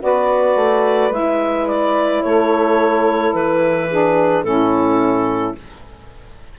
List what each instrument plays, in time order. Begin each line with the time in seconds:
0.00 bassoon B3, saxophone F#4 B4, clarinet D5
0.56 bassoon A3
1.10 bassoon G#3, saxophone E4, clarinet E5
1.68 clarinet D5
2.23 bassoon A3, saxophone A4, clarinet C#5
3.34 bassoon E3, clarinet B4
3.89 saxophone D4 G#4
4.43 bassoon A2, saxophone C#4 E4, clarinet A4